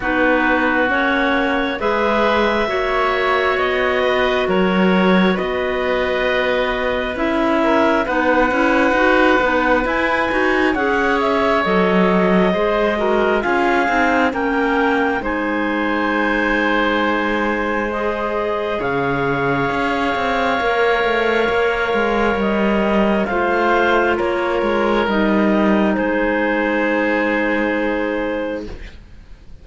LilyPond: <<
  \new Staff \with { instrumentName = "clarinet" } { \time 4/4 \tempo 4 = 67 b'4 cis''4 e''2 | dis''4 cis''4 dis''2 | e''4 fis''2 gis''4 | fis''8 e''8 dis''2 f''4 |
g''4 gis''2. | dis''4 f''2.~ | f''4 dis''4 f''4 cis''4 | dis''4 c''2. | }
  \new Staff \with { instrumentName = "oboe" } { \time 4/4 fis'2 b'4 cis''4~ | cis''8 b'8 ais'4 b'2~ | b'8 ais'8 b'2. | cis''2 c''8 ais'8 gis'4 |
ais'4 c''2.~ | c''4 cis''2.~ | cis''2 c''4 ais'4~ | ais'4 gis'2. | }
  \new Staff \with { instrumentName = "clarinet" } { \time 4/4 dis'4 cis'4 gis'4 fis'4~ | fis'1 | e'4 dis'8 e'8 fis'8 dis'8 e'8 fis'8 | gis'4 a'4 gis'8 fis'8 f'8 dis'8 |
cis'4 dis'2. | gis'2. ais'4~ | ais'2 f'2 | dis'1 | }
  \new Staff \with { instrumentName = "cello" } { \time 4/4 b4 ais4 gis4 ais4 | b4 fis4 b2 | cis'4 b8 cis'8 dis'8 b8 e'8 dis'8 | cis'4 fis4 gis4 cis'8 c'8 |
ais4 gis2.~ | gis4 cis4 cis'8 c'8 ais8 a8 | ais8 gis8 g4 a4 ais8 gis8 | g4 gis2. | }
>>